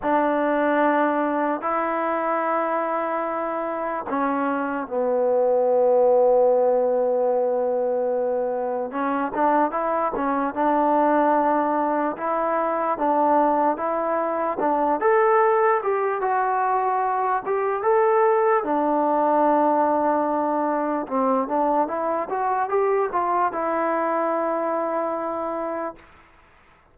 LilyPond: \new Staff \with { instrumentName = "trombone" } { \time 4/4 \tempo 4 = 74 d'2 e'2~ | e'4 cis'4 b2~ | b2. cis'8 d'8 | e'8 cis'8 d'2 e'4 |
d'4 e'4 d'8 a'4 g'8 | fis'4. g'8 a'4 d'4~ | d'2 c'8 d'8 e'8 fis'8 | g'8 f'8 e'2. | }